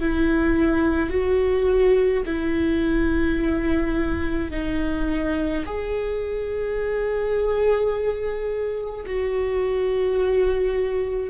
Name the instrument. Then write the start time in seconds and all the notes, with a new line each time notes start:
viola
0.00 E4
1.10 F#4
2.25 E4
4.51 D#4
5.66 G#4
9.06 F#4